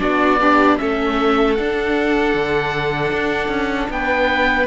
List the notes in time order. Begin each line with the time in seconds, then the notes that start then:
0.00 B3 D4 F#4 D5
0.41 D4 G4
0.78 A3 C#4 A4 E5
1.55 D4 F#5
2.35 D3
3.13 D4
3.49 C#4
3.90 B3 B4 G5